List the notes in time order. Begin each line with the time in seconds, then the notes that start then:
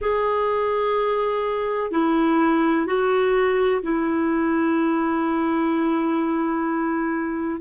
0.01 G#4
1.91 E4
2.86 F#4
3.82 E4